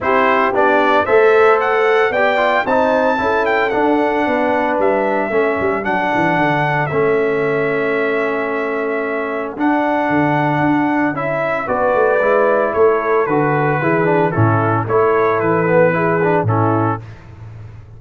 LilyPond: <<
  \new Staff \with { instrumentName = "trumpet" } { \time 4/4 \tempo 4 = 113 c''4 d''4 e''4 fis''4 | g''4 a''4. g''8 fis''4~ | fis''4 e''2 fis''4~ | fis''4 e''2.~ |
e''2 fis''2~ | fis''4 e''4 d''2 | cis''4 b'2 a'4 | cis''4 b'2 a'4 | }
  \new Staff \with { instrumentName = "horn" } { \time 4/4 g'2 c''2 | d''4 c''4 a'2 | b'2 a'2~ | a'1~ |
a'1~ | a'2 b'2 | a'2 gis'4 e'4 | a'2 gis'4 e'4 | }
  \new Staff \with { instrumentName = "trombone" } { \time 4/4 e'4 d'4 a'2 | g'8 f'8 dis'4 e'4 d'4~ | d'2 cis'4 d'4~ | d'4 cis'2.~ |
cis'2 d'2~ | d'4 e'4 fis'4 e'4~ | e'4 fis'4 e'8 d'8 cis'4 | e'4. b8 e'8 d'8 cis'4 | }
  \new Staff \with { instrumentName = "tuba" } { \time 4/4 c'4 b4 a2 | b4 c'4 cis'4 d'4 | b4 g4 a8 g8 fis8 e8 | d4 a2.~ |
a2 d'4 d4 | d'4 cis'4 b8 a8 gis4 | a4 d4 e4 a,4 | a4 e2 a,4 | }
>>